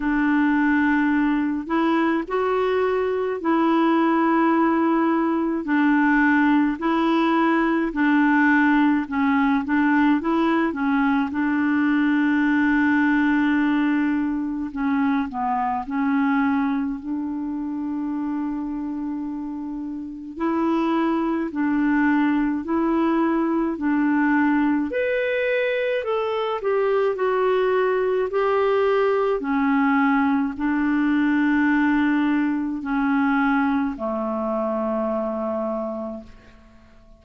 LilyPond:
\new Staff \with { instrumentName = "clarinet" } { \time 4/4 \tempo 4 = 53 d'4. e'8 fis'4 e'4~ | e'4 d'4 e'4 d'4 | cis'8 d'8 e'8 cis'8 d'2~ | d'4 cis'8 b8 cis'4 d'4~ |
d'2 e'4 d'4 | e'4 d'4 b'4 a'8 g'8 | fis'4 g'4 cis'4 d'4~ | d'4 cis'4 a2 | }